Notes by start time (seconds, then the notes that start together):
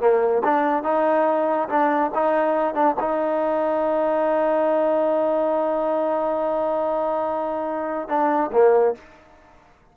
0.00 A#3
0.44 D4
0.83 D#4
1.68 D4
2.15 D#4
2.74 D4
3.00 D#4
8.08 D4
8.52 A#3